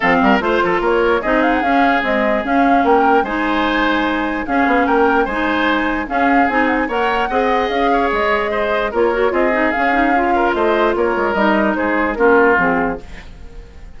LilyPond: <<
  \new Staff \with { instrumentName = "flute" } { \time 4/4 \tempo 4 = 148 f''4 c''4 cis''4 dis''8 f''16 fis''16 | f''4 dis''4 f''4 g''4 | gis''2. f''4 | g''4 gis''2 f''4 |
gis''8 fis''16 gis''16 fis''2 f''4 | dis''2 cis''4 dis''4 | f''2 dis''4 cis''4 | dis''4 c''4 ais'4 gis'4 | }
  \new Staff \with { instrumentName = "oboe" } { \time 4/4 a'8 ais'8 c''8 a'8 ais'4 gis'4~ | gis'2. ais'4 | c''2. gis'4 | ais'4 c''2 gis'4~ |
gis'4 cis''4 dis''4. cis''8~ | cis''4 c''4 ais'4 gis'4~ | gis'4. ais'8 c''4 ais'4~ | ais'4 gis'4 f'2 | }
  \new Staff \with { instrumentName = "clarinet" } { \time 4/4 c'4 f'2 dis'4 | cis'4 gis4 cis'2 | dis'2. cis'4~ | cis'4 dis'2 cis'4 |
dis'4 ais'4 gis'2~ | gis'2 f'8 fis'8 f'8 dis'8 | cis'8 dis'8 f'2. | dis'2 cis'4 c'4 | }
  \new Staff \with { instrumentName = "bassoon" } { \time 4/4 f8 g8 a8 f8 ais4 c'4 | cis'4 c'4 cis'4 ais4 | gis2. cis'8 b8 | ais4 gis2 cis'4 |
c'4 ais4 c'4 cis'4 | gis2 ais4 c'4 | cis'2 a4 ais8 gis8 | g4 gis4 ais4 f4 | }
>>